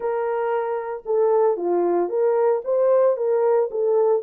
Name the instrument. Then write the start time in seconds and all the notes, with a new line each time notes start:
horn
0.00 A#4
1.05 A4
1.56 F4
2.09 A#4
2.64 C5
3.16 A#4
3.70 A4